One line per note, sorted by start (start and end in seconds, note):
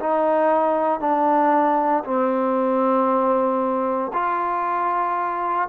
0.00 1.00 D#4
1.00 2.04 D4
2.05 4.11 C4
4.13 5.68 F4